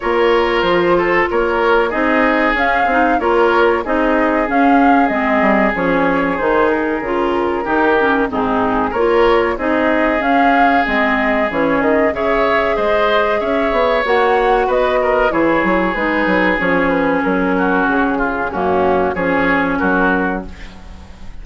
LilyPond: <<
  \new Staff \with { instrumentName = "flute" } { \time 4/4 \tempo 4 = 94 cis''4 c''4 cis''4 dis''4 | f''4 cis''4 dis''4 f''4 | dis''4 cis''4 c''8 ais'4.~ | ais'4 gis'4 cis''4 dis''4 |
f''4 dis''4 cis''8 dis''8 e''4 | dis''4 e''4 fis''4 dis''4 | cis''4 b'4 cis''8 b'8 ais'4 | gis'4 fis'4 cis''4 ais'4 | }
  \new Staff \with { instrumentName = "oboe" } { \time 4/4 ais'4. a'8 ais'4 gis'4~ | gis'4 ais'4 gis'2~ | gis'1 | g'4 dis'4 ais'4 gis'4~ |
gis'2. cis''4 | c''4 cis''2 b'8 ais'8 | gis'2.~ gis'8 fis'8~ | fis'8 f'8 cis'4 gis'4 fis'4 | }
  \new Staff \with { instrumentName = "clarinet" } { \time 4/4 f'2. dis'4 | cis'8 dis'8 f'4 dis'4 cis'4 | c'4 cis'4 dis'4 f'4 | dis'8 cis'8 c'4 f'4 dis'4 |
cis'4 c'4 cis'4 gis'4~ | gis'2 fis'2 | e'4 dis'4 cis'2~ | cis'4 ais4 cis'2 | }
  \new Staff \with { instrumentName = "bassoon" } { \time 4/4 ais4 f4 ais4 c'4 | cis'8 c'8 ais4 c'4 cis'4 | gis8 g8 f4 dis4 cis4 | dis4 gis,4 ais4 c'4 |
cis'4 gis4 e8 dis8 cis4 | gis4 cis'8 b8 ais4 b4 | e8 fis8 gis8 fis8 f4 fis4 | cis4 fis,4 f4 fis4 | }
>>